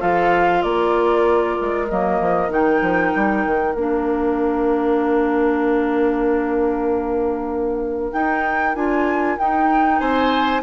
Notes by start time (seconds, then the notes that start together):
0.00 F3 F4 A4 F5
0.62 A#3 A#4 D5
1.61 G#3
1.88 F#3 A#3 D#5
2.21 F3
2.49 D#3 D#4 G5
2.82 F3
3.15 G3
3.45 D#3
3.74 A#3 D4 F5
8.12 D#4 G5
8.75 D4 F4 G#5
9.38 D#4 G5
9.99 C4 C5 G#5